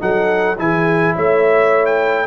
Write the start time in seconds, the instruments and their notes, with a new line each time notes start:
0.00 tuba F#3, trombone D#4, horn A4, trumpet F#5
0.59 tuba E3, trombone E4, horn G#4, trumpet G#5
1.15 tuba A3, horn C#5, trumpet E5
1.86 trumpet G5